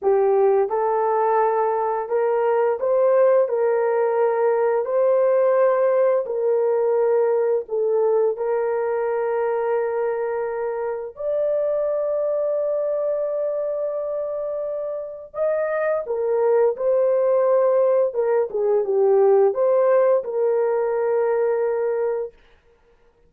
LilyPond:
\new Staff \with { instrumentName = "horn" } { \time 4/4 \tempo 4 = 86 g'4 a'2 ais'4 | c''4 ais'2 c''4~ | c''4 ais'2 a'4 | ais'1 |
d''1~ | d''2 dis''4 ais'4 | c''2 ais'8 gis'8 g'4 | c''4 ais'2. | }